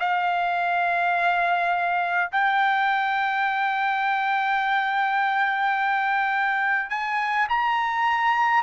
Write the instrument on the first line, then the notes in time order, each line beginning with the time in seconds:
trumpet
0.00 F5
2.32 G5
6.90 G#5
7.49 A#5